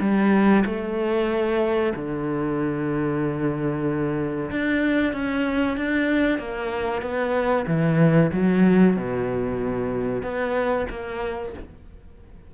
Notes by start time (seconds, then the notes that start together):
0.00 G3
0.65 A3
1.95 D3
4.51 D4
5.13 C#4
5.77 D4
6.38 A#3
7.01 B3
7.67 E3
8.32 F#3
8.96 B2
10.22 B3
10.89 A#3